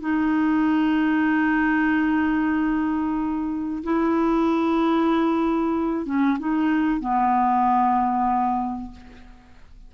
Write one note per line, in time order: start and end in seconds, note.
0.00 3.83 D#4
3.83 6.06 E4
6.06 6.38 C#4
6.39 7.00 D#4
7.00 8.92 B3